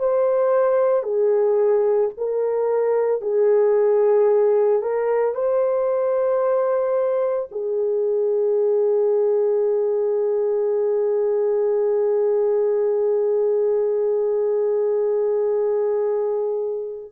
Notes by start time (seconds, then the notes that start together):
0.00 C5
1.03 G#4
2.18 A#4
3.21 G#4
4.82 A#4
5.35 C5
7.51 G#4